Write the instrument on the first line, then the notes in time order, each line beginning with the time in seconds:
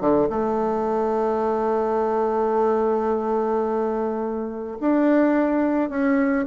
bassoon
0.00 D3
0.29 A3
4.80 D4
5.89 C#4